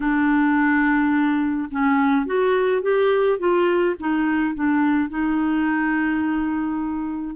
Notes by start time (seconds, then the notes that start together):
0.00 D4
1.71 C#4
2.25 F#4
2.82 G4
3.39 F4
3.99 D#4
4.54 D4
5.09 D#4